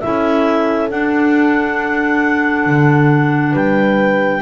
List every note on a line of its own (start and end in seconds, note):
0.00 0.90 C#4
0.00 0.89 E4
0.00 3.51 A4
0.00 0.88 E5
0.89 4.42 D4
0.89 2.66 D4
0.89 3.55 F#5
2.66 3.53 D3
3.51 4.41 G3
3.51 4.39 B4
3.51 4.42 G5